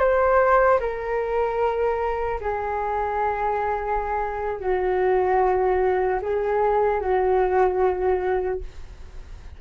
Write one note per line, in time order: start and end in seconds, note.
0.00 0.80 C5
0.80 2.40 A#4
2.41 4.60 G#4
4.60 6.20 F#4
6.22 7.01 G#4
7.01 8.61 F#4